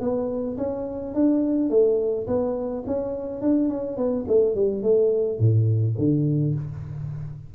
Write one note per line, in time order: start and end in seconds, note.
0.00 0.57 B3
0.57 1.14 C#4
1.14 1.70 D4
1.70 2.26 A3
2.27 2.84 B3
2.86 3.41 C#4
3.41 3.69 D4
3.69 3.96 C#4
3.96 4.25 B3
4.27 4.55 A3
4.55 4.83 G3
4.83 5.39 A3
5.39 5.95 A2
5.98 6.54 D3